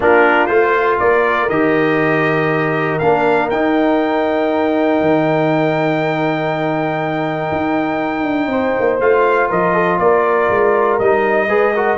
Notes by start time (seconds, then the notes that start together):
0.00 A#3 D4 F4 A#4
0.46 A3 F4 C5
0.99 A#3 A#4 D5
1.49 D#3 G4 D#5
2.99 A#3 D4 F5
3.49 D#4 G5
5.00 D#3
7.51 D#4
8.23 D4
8.46 C4 C5
8.79 A#3
8.99 A3 F4 F5
9.49 F3 A#4 D#5
9.74 A4
9.99 A#3 A#4 D5
10.49 G#3
10.98 G3 D#4 D#5
11.48 G#3 G#4 B4
11.74 F#4 A#4